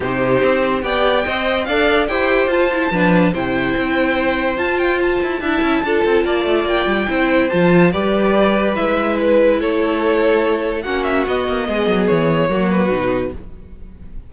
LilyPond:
<<
  \new Staff \with { instrumentName = "violin" } { \time 4/4 \tempo 4 = 144 c''2 g''2 | f''4 g''4 a''2 | g''2. a''8 g''8 | a''1 |
g''2 a''4 d''4~ | d''4 e''4 b'4 cis''4~ | cis''2 fis''8 e''8 dis''4~ | dis''4 cis''4. b'4. | }
  \new Staff \with { instrumentName = "violin" } { \time 4/4 g'2 d''4 dis''4 | d''4 c''2 b'4 | c''1~ | c''4 e''4 a'4 d''4~ |
d''4 c''2 b'4~ | b'2. a'4~ | a'2 fis'2 | gis'2 fis'2 | }
  \new Staff \with { instrumentName = "viola" } { \time 4/4 dis'2 g'4 c''4 | a'4 g'4 f'8 e'8 d'4 | e'2. f'4~ | f'4 e'4 f'2~ |
f'4 e'4 f'4 g'4~ | g'4 e'2.~ | e'2 cis'4 b4~ | b2 ais4 dis'4 | }
  \new Staff \with { instrumentName = "cello" } { \time 4/4 c4 c'4 b4 c'4 | d'4 e'4 f'4 f4 | c4 c'2 f'4~ | f'8 e'8 d'8 cis'8 d'8 c'8 ais8 a8 |
ais8 g8 c'4 f4 g4~ | g4 gis2 a4~ | a2 ais4 b8 ais8 | gis8 fis8 e4 fis4 b,4 | }
>>